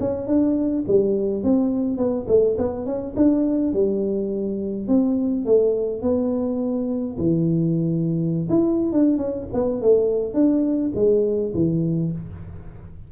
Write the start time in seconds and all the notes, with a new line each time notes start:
0.00 C#4
0.27 D4
0.88 G3
1.44 C4
1.98 B3
2.28 A3
2.58 B3
2.86 C#4
3.16 D4
3.73 G3
4.88 C4
5.45 A3
6.02 B3
7.18 E3
8.49 E4
8.92 D4
9.18 C#4
9.53 B3
9.82 A3
10.34 D4
10.95 G#3
11.54 E3